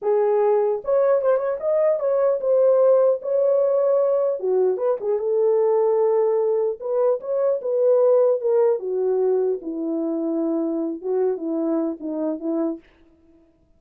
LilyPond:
\new Staff \with { instrumentName = "horn" } { \time 4/4 \tempo 4 = 150 gis'2 cis''4 c''8 cis''8 | dis''4 cis''4 c''2 | cis''2. fis'4 | b'8 gis'8 a'2.~ |
a'4 b'4 cis''4 b'4~ | b'4 ais'4 fis'2 | e'2.~ e'8 fis'8~ | fis'8 e'4. dis'4 e'4 | }